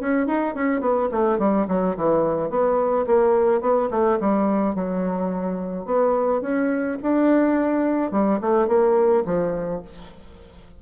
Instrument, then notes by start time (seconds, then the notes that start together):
bassoon
0.00 C#4
0.27 D#4
0.54 C#4
0.80 B3
1.11 A3
1.38 G3
1.68 F#3
1.96 E3
2.50 B3
3.06 A#3
3.61 B3
3.90 A3
4.20 G3
4.75 F#3
5.85 B3
6.41 C#4
7.02 D4
8.11 G3
8.41 A3
8.68 A#3
9.25 F3